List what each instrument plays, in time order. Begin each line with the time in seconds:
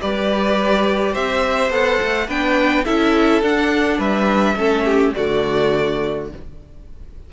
0.00 cello G3, viola G4, violin B4 D5
1.13 cello C4, violin C5 E5
1.70 cello B3, viola A4, violin F#5
2.02 cello A3
2.27 cello B3, viola D4, violin B4 G5
2.85 cello C#4, viola E4, violin A4 E5
3.42 cello D4, viola D4, violin F#5
3.98 cello G3, violin B4 E5
4.56 cello A3, viola C#4, violin A4
4.85 violin G4
5.15 cello D3, viola A3, violin F#4 D5